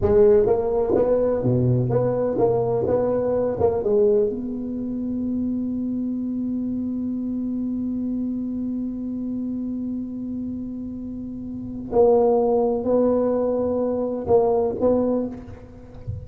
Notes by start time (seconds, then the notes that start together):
0.01 G#3
0.46 A#3
0.95 B3
1.42 B2
1.89 B3
2.38 A#3
2.87 B3
3.60 A#3
3.83 G#3
4.29 B3
11.92 A#3
12.84 B3
14.27 A#3
14.80 B3